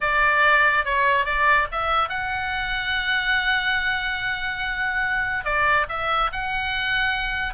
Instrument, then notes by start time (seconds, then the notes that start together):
oboe
0.01 D5
0.84 C#5
1.25 D5
1.71 E5
2.09 F#5
5.44 D5
5.89 E5
6.32 F#5